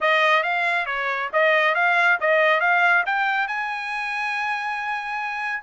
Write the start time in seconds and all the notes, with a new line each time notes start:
0.00 D#5
0.43 F5
0.86 C#5
1.32 D#5
1.74 F5
2.20 D#5
2.60 F5
3.06 G5
3.47 G#5